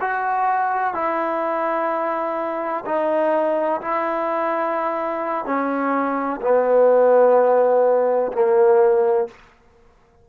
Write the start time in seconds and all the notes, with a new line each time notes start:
0.00 F#4
0.94 E4
2.85 D#4
3.81 E4
5.45 C#4
6.42 B3
8.32 A#3